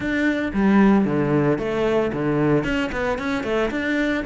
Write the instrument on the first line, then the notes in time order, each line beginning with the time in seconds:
cello
0.00 D4
0.53 G3
1.05 D3
1.58 A3
2.12 D3
2.64 C#4
2.92 B3
3.18 C#4
3.43 A3
3.70 D4